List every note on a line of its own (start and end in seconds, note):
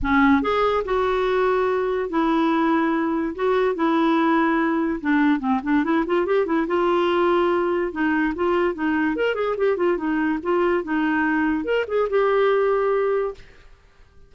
0.02 0.41 C#4
0.41 0.83 G#4
0.84 2.09 F#4
2.09 3.34 E4
3.35 3.75 F#4
3.75 5.00 E4
5.01 5.39 D4
5.39 5.60 C4
5.63 5.84 D4
5.84 6.04 E4
6.06 6.26 F4
6.26 6.46 G4
6.46 6.66 E4
6.67 7.92 F4
7.92 8.33 D#4
8.35 8.74 F4
8.74 9.16 D#4
9.16 9.34 A#4
9.34 9.55 G#4
9.57 9.76 G4
9.76 9.97 F4
9.97 10.38 D#4
10.42 10.83 F4
10.83 11.64 D#4
11.64 11.85 A#4
11.87 12.08 G#4
12.09 13.34 G4